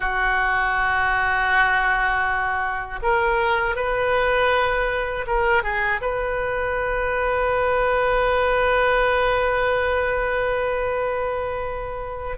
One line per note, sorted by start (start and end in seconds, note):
0.00 2.99 F#4
3.02 3.75 A#4
3.75 5.25 B4
5.26 5.63 A#4
5.63 6.00 G#4
6.01 12.37 B4